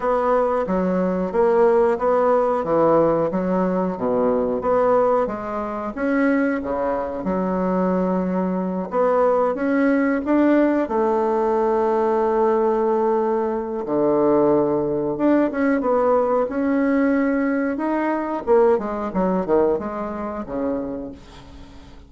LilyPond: \new Staff \with { instrumentName = "bassoon" } { \time 4/4 \tempo 4 = 91 b4 fis4 ais4 b4 | e4 fis4 b,4 b4 | gis4 cis'4 cis4 fis4~ | fis4. b4 cis'4 d'8~ |
d'8 a2.~ a8~ | a4 d2 d'8 cis'8 | b4 cis'2 dis'4 | ais8 gis8 fis8 dis8 gis4 cis4 | }